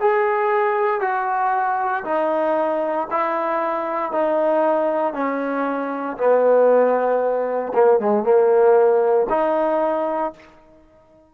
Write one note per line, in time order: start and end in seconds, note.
0.00 1.01 G#4
1.01 2.04 F#4
2.04 3.08 D#4
3.10 4.11 E4
4.11 5.13 D#4
5.13 6.17 C#4
6.17 7.73 B3
7.74 7.99 A#3
7.99 8.23 G#3
8.23 9.27 A#3
9.29 10.33 D#4